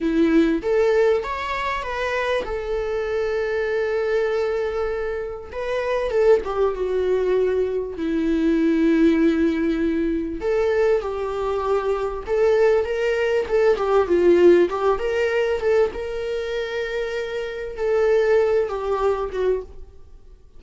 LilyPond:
\new Staff \with { instrumentName = "viola" } { \time 4/4 \tempo 4 = 98 e'4 a'4 cis''4 b'4 | a'1~ | a'4 b'4 a'8 g'8 fis'4~ | fis'4 e'2.~ |
e'4 a'4 g'2 | a'4 ais'4 a'8 g'8 f'4 | g'8 ais'4 a'8 ais'2~ | ais'4 a'4. g'4 fis'8 | }